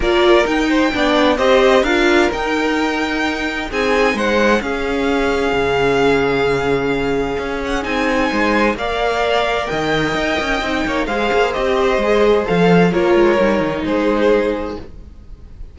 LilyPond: <<
  \new Staff \with { instrumentName = "violin" } { \time 4/4 \tempo 4 = 130 d''4 g''2 dis''4 | f''4 g''2. | gis''4 fis''4 f''2~ | f''1~ |
f''8 fis''8 gis''2 f''4~ | f''4 g''2. | f''4 dis''2 f''4 | cis''2 c''2 | }
  \new Staff \with { instrumentName = "violin" } { \time 4/4 ais'4. c''8 d''4 c''4 | ais'1 | gis'4 c''4 gis'2~ | gis'1~ |
gis'2 c''4 d''4~ | d''4 dis''2~ dis''8 cis''8 | c''1 | ais'2 gis'2 | }
  \new Staff \with { instrumentName = "viola" } { \time 4/4 f'4 dis'4 d'4 g'4 | f'4 dis'2.~ | dis'2 cis'2~ | cis'1~ |
cis'4 dis'2 ais'4~ | ais'2. dis'4 | gis'4 g'4 gis'4 a'4 | f'4 dis'2. | }
  \new Staff \with { instrumentName = "cello" } { \time 4/4 ais4 dis'4 b4 c'4 | d'4 dis'2. | c'4 gis4 cis'2 | cis1 |
cis'4 c'4 gis4 ais4~ | ais4 dis4 dis'8 cis'8 c'8 ais8 | gis8 ais8 c'4 gis4 f4 | ais8 gis8 g8 dis8 gis2 | }
>>